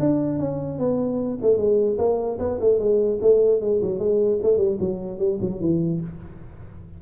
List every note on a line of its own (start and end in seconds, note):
0.00 0.39 D4
0.39 0.79 C#4
0.79 1.39 B3
1.42 1.57 A3
1.57 1.97 G#3
1.98 2.38 A#3
2.39 2.59 B3
2.60 2.79 A3
2.79 3.19 G#3
3.21 3.61 A3
3.61 3.81 G#3
3.82 3.99 F#3
3.99 4.39 G#3
4.42 4.58 A3
4.58 4.78 G3
4.80 5.19 F#3
5.19 5.39 G3
5.41 5.61 F#3
5.61 6.01 E3